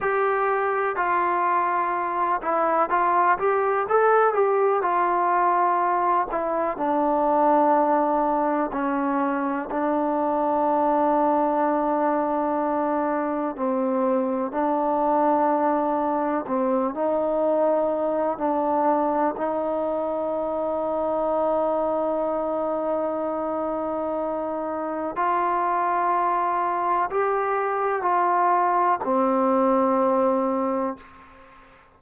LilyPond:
\new Staff \with { instrumentName = "trombone" } { \time 4/4 \tempo 4 = 62 g'4 f'4. e'8 f'8 g'8 | a'8 g'8 f'4. e'8 d'4~ | d'4 cis'4 d'2~ | d'2 c'4 d'4~ |
d'4 c'8 dis'4. d'4 | dis'1~ | dis'2 f'2 | g'4 f'4 c'2 | }